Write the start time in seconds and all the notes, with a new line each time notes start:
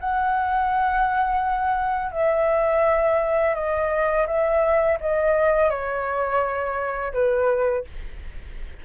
0.00 F#5
2.12 E5
3.55 D#5
4.27 E5
5.00 D#5
5.70 C#5
7.13 B4